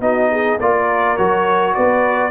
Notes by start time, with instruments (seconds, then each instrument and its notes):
0.00 tuba B3, trombone D#4, horn F#4, trumpet D#5
0.31 horn G#4
0.59 tuba A#3, trombone F4, horn A#4, trumpet D5
1.16 tuba F#3, trombone F#4, trumpet C#5
1.74 tuba B3, horn B4, trumpet D5